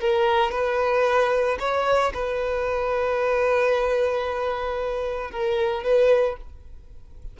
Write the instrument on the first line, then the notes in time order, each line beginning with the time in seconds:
violin
0.00 A#4
0.51 B4
1.59 C#5
2.14 B4
5.31 A#4
5.83 B4